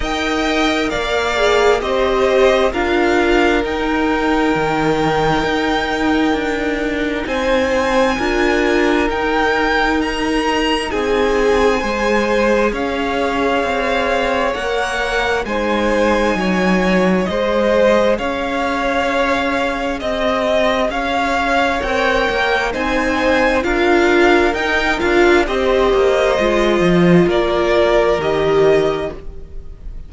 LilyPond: <<
  \new Staff \with { instrumentName = "violin" } { \time 4/4 \tempo 4 = 66 g''4 f''4 dis''4 f''4 | g''1 | gis''2 g''4 ais''4 | gis''2 f''2 |
fis''4 gis''2 dis''4 | f''2 dis''4 f''4 | g''4 gis''4 f''4 g''8 f''8 | dis''2 d''4 dis''4 | }
  \new Staff \with { instrumentName = "violin" } { \time 4/4 dis''4 d''4 c''4 ais'4~ | ais'1 | c''4 ais'2. | gis'4 c''4 cis''2~ |
cis''4 c''4 cis''4 c''4 | cis''2 dis''4 cis''4~ | cis''4 c''4 ais'2 | c''2 ais'2 | }
  \new Staff \with { instrumentName = "viola" } { \time 4/4 ais'4. gis'8 g'4 f'4 | dis'1~ | dis'4 f'4 dis'2~ | dis'4 gis'2. |
ais'4 dis'2 gis'4~ | gis'1 | ais'4 dis'4 f'4 dis'8 f'8 | g'4 f'2 g'4 | }
  \new Staff \with { instrumentName = "cello" } { \time 4/4 dis'4 ais4 c'4 d'4 | dis'4 dis4 dis'4 d'4 | c'4 d'4 dis'2 | c'4 gis4 cis'4 c'4 |
ais4 gis4 fis4 gis4 | cis'2 c'4 cis'4 | c'8 ais8 c'4 d'4 dis'8 d'8 | c'8 ais8 gis8 f8 ais4 dis4 | }
>>